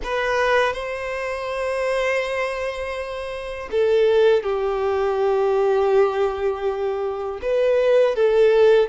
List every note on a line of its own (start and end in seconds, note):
0.03 0.73 B4
0.73 3.69 C5
3.71 4.43 A4
4.43 7.39 G4
7.42 8.15 B4
8.15 8.89 A4